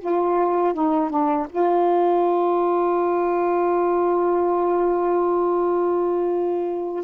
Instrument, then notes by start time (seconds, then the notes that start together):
saxophone
0.00 F4
0.74 D#4
1.10 D4
1.49 F4